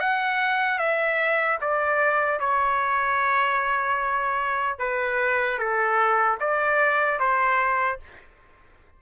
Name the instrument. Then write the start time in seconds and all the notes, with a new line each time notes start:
trumpet
0.00 F#5
0.79 E5
1.61 D5
2.40 C#5
4.79 B4
5.59 A4
6.40 D5
7.20 C5